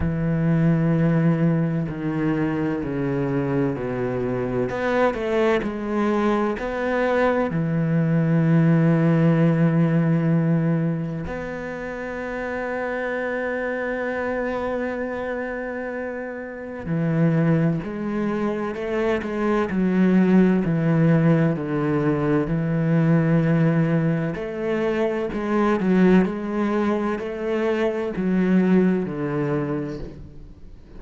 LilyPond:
\new Staff \with { instrumentName = "cello" } { \time 4/4 \tempo 4 = 64 e2 dis4 cis4 | b,4 b8 a8 gis4 b4 | e1 | b1~ |
b2 e4 gis4 | a8 gis8 fis4 e4 d4 | e2 a4 gis8 fis8 | gis4 a4 fis4 d4 | }